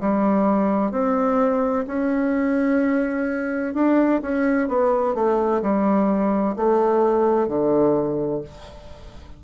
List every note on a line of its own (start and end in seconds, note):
0.00 0.91 G3
0.91 1.85 C4
1.87 3.74 C#4
3.74 4.21 D4
4.21 4.68 C#4
4.68 5.15 B3
5.15 5.62 A3
5.62 6.56 G3
6.56 7.47 A3
7.47 8.41 D3